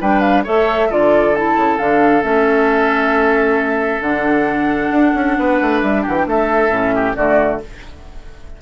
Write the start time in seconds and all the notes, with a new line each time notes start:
0.00 G3 D4 B4 G5
0.20 F5
0.43 A3 A4 C#5 E5
0.88 D3 F4 A4 D5
1.35 E4 A5
1.56 C#3
1.78 D3 D4 F5
2.22 A3 C#4 E5
4.01 D3 D4 F#5
4.90 D4
5.14 C#4
5.38 B3 B4
5.61 A3
5.81 G3 E5
6.02 E3 G4 F#5
6.15 G5
6.26 A3 A4 E5
6.69 A2 C#4
6.94 G4
7.15 D3 A3 F#4 D5